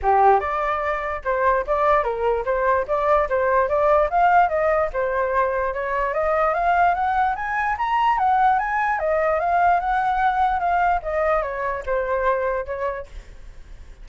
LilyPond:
\new Staff \with { instrumentName = "flute" } { \time 4/4 \tempo 4 = 147 g'4 d''2 c''4 | d''4 ais'4 c''4 d''4 | c''4 d''4 f''4 dis''4 | c''2 cis''4 dis''4 |
f''4 fis''4 gis''4 ais''4 | fis''4 gis''4 dis''4 f''4 | fis''2 f''4 dis''4 | cis''4 c''2 cis''4 | }